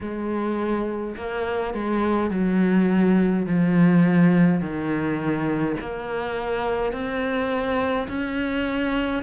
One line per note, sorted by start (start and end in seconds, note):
0.00 1.15 G#3
1.16 1.74 A#3
1.74 2.30 G#3
2.30 3.46 F#3
3.46 4.60 F3
4.60 5.76 D#3
5.80 6.92 A#3
6.92 8.07 C4
8.08 9.23 C#4